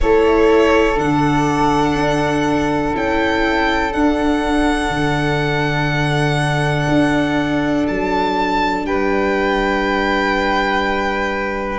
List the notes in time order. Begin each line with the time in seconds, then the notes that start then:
0.00 A3 E4 A4 C#5
0.95 D3 D4 F#5
1.95 D4
2.93 C#4 E4 G5
3.92 D4 F#5
4.89 D3
6.88 D4
7.87 F#3 A5
8.84 G3 B4 G5